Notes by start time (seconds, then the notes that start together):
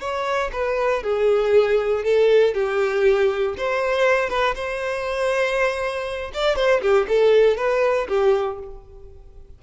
0.00 C#5
0.52 B4
1.03 G#4
2.04 A4
2.54 G4
3.57 C5
4.29 B4
4.55 C5
6.33 D5
6.55 C5
6.81 G4
7.08 A4
7.57 B4
8.08 G4